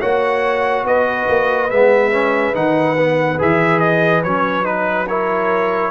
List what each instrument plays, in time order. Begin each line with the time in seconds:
0.00 tuba A#3, trombone F#4, horn C#5, trumpet F#5
0.84 tuba B3, horn B4, trumpet D#5
1.29 tuba A#3
1.70 tuba G#3, trombone B3, trumpet E5
2.12 trombone C#4
2.54 tuba D#3, trombone D#4, trumpet F#5
2.98 trombone B3
3.38 tuba E3, trombone G#4, trumpet E5
3.79 trumpet D#5
4.23 tuba F#3, trombone C#4, trumpet C#5
4.64 trombone D#4, trumpet B4
5.07 trombone E4, horn A#4, trumpet C#5